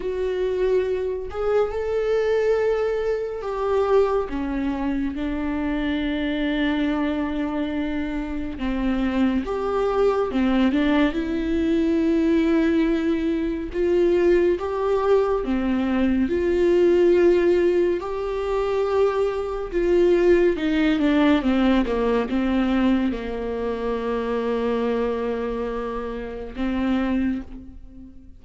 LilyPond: \new Staff \with { instrumentName = "viola" } { \time 4/4 \tempo 4 = 70 fis'4. gis'8 a'2 | g'4 cis'4 d'2~ | d'2 c'4 g'4 | c'8 d'8 e'2. |
f'4 g'4 c'4 f'4~ | f'4 g'2 f'4 | dis'8 d'8 c'8 ais8 c'4 ais4~ | ais2. c'4 | }